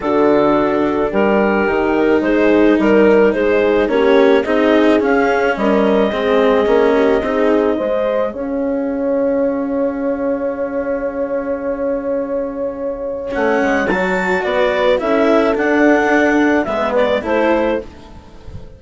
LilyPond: <<
  \new Staff \with { instrumentName = "clarinet" } { \time 4/4 \tempo 4 = 108 a'2 ais'2 | c''4 ais'4 c''4 cis''4 | dis''4 f''4 dis''2~ | dis''2. f''4~ |
f''1~ | f''1 | fis''4 a''4 d''4 e''4 | fis''2 e''8 d''8 c''4 | }
  \new Staff \with { instrumentName = "horn" } { \time 4/4 fis'2 g'2 | gis'4 ais'4 gis'4 g'4 | gis'2 ais'4 gis'4~ | gis'8 g'8 gis'4 c''4 cis''4~ |
cis''1~ | cis''1~ | cis''2 b'4 a'4~ | a'2 b'4 a'4 | }
  \new Staff \with { instrumentName = "cello" } { \time 4/4 d'2. dis'4~ | dis'2. cis'4 | dis'4 cis'2 c'4 | cis'4 dis'4 gis'2~ |
gis'1~ | gis'1 | cis'4 fis'2 e'4 | d'2 b4 e'4 | }
  \new Staff \with { instrumentName = "bassoon" } { \time 4/4 d2 g4 dis4 | gis4 g4 gis4 ais4 | c'4 cis'4 g4 gis4 | ais4 c'4 gis4 cis'4~ |
cis'1~ | cis'1 | a8 gis8 fis4 b4 cis'4 | d'2 gis4 a4 | }
>>